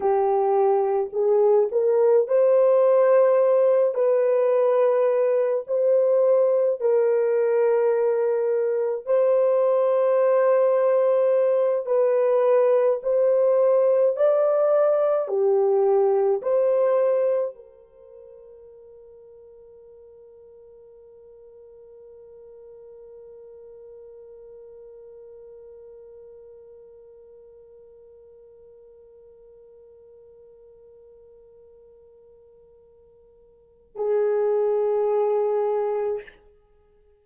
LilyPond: \new Staff \with { instrumentName = "horn" } { \time 4/4 \tempo 4 = 53 g'4 gis'8 ais'8 c''4. b'8~ | b'4 c''4 ais'2 | c''2~ c''8 b'4 c''8~ | c''8 d''4 g'4 c''4 ais'8~ |
ais'1~ | ais'1~ | ais'1~ | ais'2 gis'2 | }